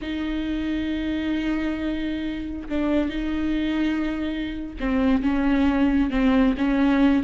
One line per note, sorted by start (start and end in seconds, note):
0.01 2.68 D#4
2.68 3.09 D4
3.09 4.76 D#4
4.80 5.23 C4
5.23 6.10 C#4
6.10 6.54 C4
6.57 7.23 C#4